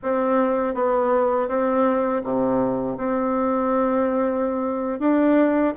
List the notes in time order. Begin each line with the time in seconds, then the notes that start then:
0.02 C4
0.74 B3
1.48 C4
2.23 C3
2.97 C4
4.99 D4